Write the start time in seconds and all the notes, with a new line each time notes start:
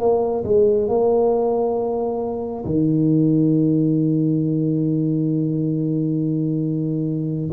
0.00 A#3
0.45 G#3
0.89 A#3
2.65 D#3